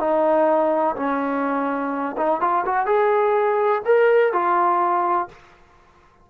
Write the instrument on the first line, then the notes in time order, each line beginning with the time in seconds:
trombone
0.00 D#4
0.96 C#4
2.18 D#4
2.41 F4
2.66 F#4
2.86 G#4
3.85 A#4
4.33 F4